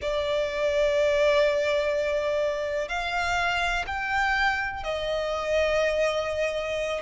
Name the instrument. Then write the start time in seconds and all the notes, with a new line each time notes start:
violin
0.01 D5
2.88 F5
3.86 G5
4.83 D#5